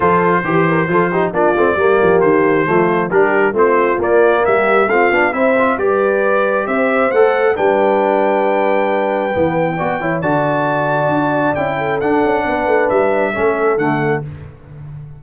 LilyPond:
<<
  \new Staff \with { instrumentName = "trumpet" } { \time 4/4 \tempo 4 = 135 c''2. d''4~ | d''4 c''2 ais'4 | c''4 d''4 e''4 f''4 | e''4 d''2 e''4 |
fis''4 g''2.~ | g''2. a''4~ | a''2 g''4 fis''4~ | fis''4 e''2 fis''4 | }
  \new Staff \with { instrumentName = "horn" } { \time 4/4 a'4 g'8 ais'8 a'8 g'8 f'4 | g'2 f'4 g'4 | f'2 g'4 f'4 | c''4 b'2 c''4~ |
c''4 b'2.~ | b'2 d''8 cis''8 d''4~ | d''2~ d''8 a'4. | b'2 a'2 | }
  \new Staff \with { instrumentName = "trombone" } { \time 4/4 f'4 g'4 f'8 dis'8 d'8 c'8 | ais2 a4 d'4 | c'4 ais2 c'8 d'8 | e'8 f'8 g'2. |
a'4 d'2.~ | d'4 b4 fis'8 e'8 fis'4~ | fis'2 e'4 d'4~ | d'2 cis'4 a4 | }
  \new Staff \with { instrumentName = "tuba" } { \time 4/4 f4 e4 f4 ais8 a8 | g8 f8 dis4 f4 g4 | a4 ais4 g4 a8 b8 | c'4 g2 c'4 |
a4 g2.~ | g4 e4 b8 e8 d4~ | d4 d'4 cis'4 d'8 cis'8 | b8 a8 g4 a4 d4 | }
>>